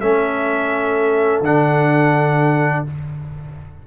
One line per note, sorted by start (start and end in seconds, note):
0.00 1.41 A3
0.00 1.44 C#4
0.00 2.83 A4
0.00 1.42 E5
1.41 2.82 D3
1.41 2.86 D4
1.41 2.86 F#5